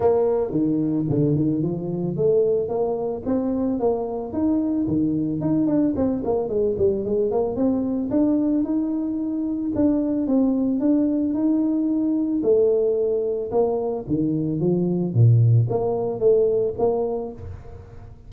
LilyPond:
\new Staff \with { instrumentName = "tuba" } { \time 4/4 \tempo 4 = 111 ais4 dis4 d8 dis8 f4 | a4 ais4 c'4 ais4 | dis'4 dis4 dis'8 d'8 c'8 ais8 | gis8 g8 gis8 ais8 c'4 d'4 |
dis'2 d'4 c'4 | d'4 dis'2 a4~ | a4 ais4 dis4 f4 | ais,4 ais4 a4 ais4 | }